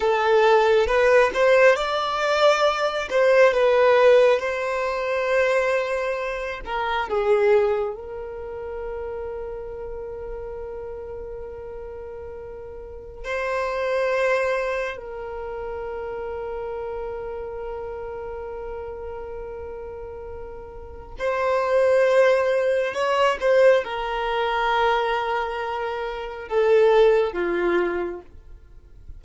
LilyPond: \new Staff \with { instrumentName = "violin" } { \time 4/4 \tempo 4 = 68 a'4 b'8 c''8 d''4. c''8 | b'4 c''2~ c''8 ais'8 | gis'4 ais'2.~ | ais'2. c''4~ |
c''4 ais'2.~ | ais'1 | c''2 cis''8 c''8 ais'4~ | ais'2 a'4 f'4 | }